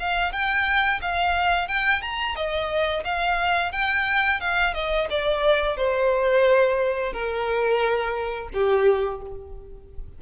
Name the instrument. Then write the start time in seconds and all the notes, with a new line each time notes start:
violin
0.00 F5
0.33 G5
1.02 F5
1.68 G5
2.02 A#5
2.36 D#5
3.05 F5
3.73 G5
4.41 F5
4.74 D#5
5.10 D5
5.77 C5
7.13 A#4
8.54 G4